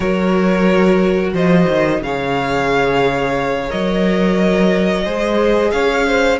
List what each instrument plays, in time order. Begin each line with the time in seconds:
0.00 cello F#3, viola F#4, violin A#4 C#5
1.33 cello F3, violin C5 D#5
1.67 cello D#3
2.01 cello C#3, viola G#4, violin C#5 F5
3.68 cello F#3, viola A#4, violin D#5
5.04 cello G#3, viola G#4, violin C5
5.71 cello C#4, violin C#5 F5
6.06 violin C5